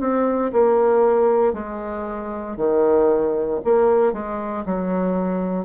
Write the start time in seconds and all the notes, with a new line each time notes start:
0.00 C4
0.53 A#3
1.53 G#3
2.57 D#3
3.65 A#3
4.13 G#3
4.66 F#3